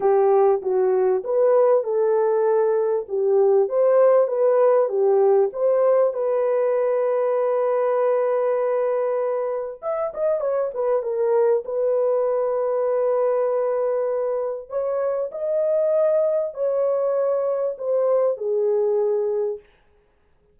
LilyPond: \new Staff \with { instrumentName = "horn" } { \time 4/4 \tempo 4 = 98 g'4 fis'4 b'4 a'4~ | a'4 g'4 c''4 b'4 | g'4 c''4 b'2~ | b'1 |
e''8 dis''8 cis''8 b'8 ais'4 b'4~ | b'1 | cis''4 dis''2 cis''4~ | cis''4 c''4 gis'2 | }